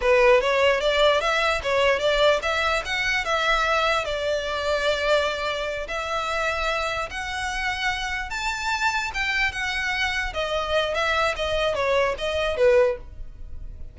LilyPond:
\new Staff \with { instrumentName = "violin" } { \time 4/4 \tempo 4 = 148 b'4 cis''4 d''4 e''4 | cis''4 d''4 e''4 fis''4 | e''2 d''2~ | d''2~ d''8 e''4.~ |
e''4. fis''2~ fis''8~ | fis''8 a''2 g''4 fis''8~ | fis''4. dis''4. e''4 | dis''4 cis''4 dis''4 b'4 | }